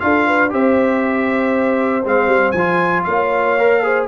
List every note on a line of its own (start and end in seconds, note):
0.00 0.53 D4
0.00 0.50 F4
0.00 0.27 A4
0.00 0.51 F5
0.27 0.52 B4
0.50 2.05 C4
0.50 2.03 G4
0.50 3.07 C5
0.50 2.06 E5
2.05 2.27 G#3
2.05 2.56 C4
2.05 2.51 F5
2.27 2.52 G3
2.51 3.04 F3
2.51 3.02 G#5
2.58 3.59 F4
3.04 4.08 A#3
3.04 3.84 C#5
3.04 4.06 F5
3.59 3.83 A#4
3.83 4.08 G#4
3.83 4.08 C5